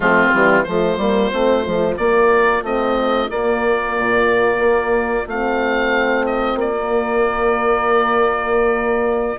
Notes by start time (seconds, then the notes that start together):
0.00 F3 A3 C4 F4
0.33 E3 G3
0.63 F3 A3 F4 C5
0.97 G3 A#3
1.31 A3 C4
1.64 F3 A3
1.97 A#3 D5
2.62 A3 C4 D#5
3.30 A#3 D5
3.98 A#2
4.59 A#3
5.27 A3 C4 F5
6.25 D#5
6.55 A#3 D5
6.76 A#3